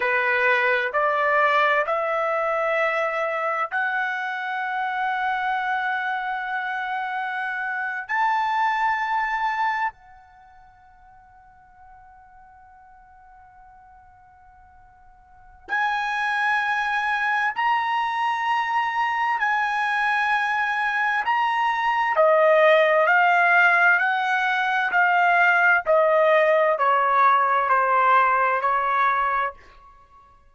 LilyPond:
\new Staff \with { instrumentName = "trumpet" } { \time 4/4 \tempo 4 = 65 b'4 d''4 e''2 | fis''1~ | fis''8. a''2 fis''4~ fis''16~ | fis''1~ |
fis''4 gis''2 ais''4~ | ais''4 gis''2 ais''4 | dis''4 f''4 fis''4 f''4 | dis''4 cis''4 c''4 cis''4 | }